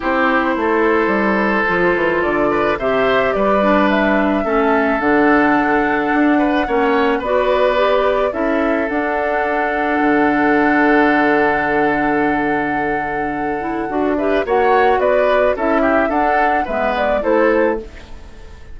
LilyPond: <<
  \new Staff \with { instrumentName = "flute" } { \time 4/4 \tempo 4 = 108 c''1 | d''4 e''4 d''4 e''4~ | e''4 fis''2.~ | fis''4 d''2 e''4 |
fis''1~ | fis''1~ | fis''4. e''8 fis''4 d''4 | e''4 fis''4 e''8 d''8 c''4 | }
  \new Staff \with { instrumentName = "oboe" } { \time 4/4 g'4 a'2.~ | a'8 b'8 c''4 b'2 | a'2.~ a'8 b'8 | cis''4 b'2 a'4~ |
a'1~ | a'1~ | a'4. b'8 cis''4 b'4 | a'8 g'8 a'4 b'4 a'4 | }
  \new Staff \with { instrumentName = "clarinet" } { \time 4/4 e'2. f'4~ | f'4 g'4. d'4. | cis'4 d'2. | cis'4 fis'4 g'4 e'4 |
d'1~ | d'1~ | d'8 e'8 fis'8 g'8 fis'2 | e'4 d'4 b4 e'4 | }
  \new Staff \with { instrumentName = "bassoon" } { \time 4/4 c'4 a4 g4 f8 e8 | d4 c4 g2 | a4 d2 d'4 | ais4 b2 cis'4 |
d'2 d2~ | d1~ | d4 d'4 ais4 b4 | cis'4 d'4 gis4 a4 | }
>>